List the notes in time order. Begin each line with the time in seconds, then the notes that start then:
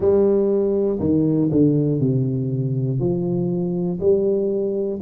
0.00 G3
1.00 D#3
1.51 D3
2.00 C3
2.99 F3
4.00 G3